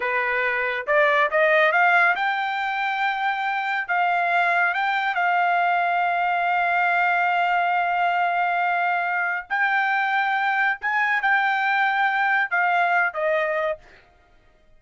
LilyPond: \new Staff \with { instrumentName = "trumpet" } { \time 4/4 \tempo 4 = 139 b'2 d''4 dis''4 | f''4 g''2.~ | g''4 f''2 g''4 | f''1~ |
f''1~ | f''2 g''2~ | g''4 gis''4 g''2~ | g''4 f''4. dis''4. | }